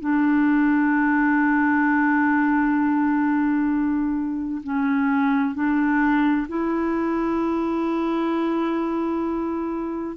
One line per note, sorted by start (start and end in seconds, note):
0.00 4.62 D4
4.63 5.55 C#4
5.55 6.47 D4
6.48 10.17 E4